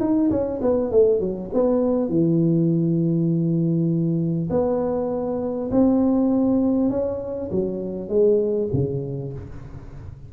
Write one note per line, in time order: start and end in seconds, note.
0.00 0.30 D#4
0.30 0.60 C#4
0.61 0.91 B3
0.91 1.20 A3
1.20 1.50 F#3
1.53 2.09 B3
2.09 4.49 E3
4.50 5.70 B3
5.71 6.90 C4
6.90 7.50 C#4
7.51 8.09 F#3
8.09 8.69 G#3
8.73 9.33 C#3